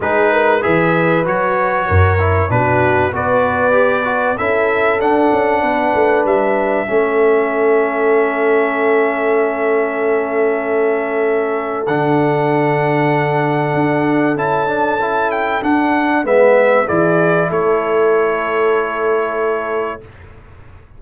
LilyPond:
<<
  \new Staff \with { instrumentName = "trumpet" } { \time 4/4 \tempo 4 = 96 b'4 e''4 cis''2 | b'4 d''2 e''4 | fis''2 e''2~ | e''1~ |
e''2. fis''4~ | fis''2. a''4~ | a''8 g''8 fis''4 e''4 d''4 | cis''1 | }
  \new Staff \with { instrumentName = "horn" } { \time 4/4 gis'8 ais'8 b'2 ais'4 | fis'4 b'2 a'4~ | a'4 b'2 a'4~ | a'1~ |
a'1~ | a'1~ | a'2 b'4 gis'4 | a'1 | }
  \new Staff \with { instrumentName = "trombone" } { \time 4/4 dis'4 gis'4 fis'4. e'8 | d'4 fis'4 g'8 fis'8 e'4 | d'2. cis'4~ | cis'1~ |
cis'2. d'4~ | d'2. e'8 d'8 | e'4 d'4 b4 e'4~ | e'1 | }
  \new Staff \with { instrumentName = "tuba" } { \time 4/4 gis4 e4 fis4 fis,4 | b,4 b2 cis'4 | d'8 cis'8 b8 a8 g4 a4~ | a1~ |
a2. d4~ | d2 d'4 cis'4~ | cis'4 d'4 gis4 e4 | a1 | }
>>